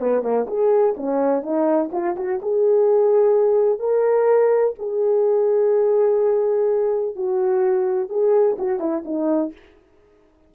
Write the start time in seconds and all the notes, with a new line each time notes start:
0.00 B3
0.23 A#3
0.48 G#4
0.97 C#4
1.43 D#4
1.92 F4
2.17 F#4
2.42 G#4
3.79 A#4
4.79 G#4
7.16 F#4
8.10 G#4
8.59 F#4
8.80 E4
9.05 D#4